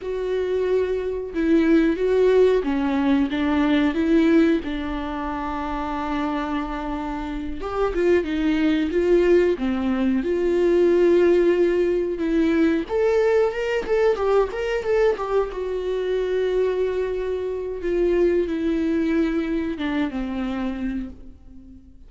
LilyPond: \new Staff \with { instrumentName = "viola" } { \time 4/4 \tempo 4 = 91 fis'2 e'4 fis'4 | cis'4 d'4 e'4 d'4~ | d'2.~ d'8 g'8 | f'8 dis'4 f'4 c'4 f'8~ |
f'2~ f'8 e'4 a'8~ | a'8 ais'8 a'8 g'8 ais'8 a'8 g'8 fis'8~ | fis'2. f'4 | e'2 d'8 c'4. | }